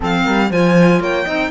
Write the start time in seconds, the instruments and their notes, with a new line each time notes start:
0.00 cello F3, clarinet C4, horn A4, violin F5
0.23 cello G3, horn A#4
0.50 cello F3, clarinet F4, horn C5, violin G#5
1.00 cello A#3, horn C#5, violin G5
1.24 cello C4, clarinet D#4, horn D#5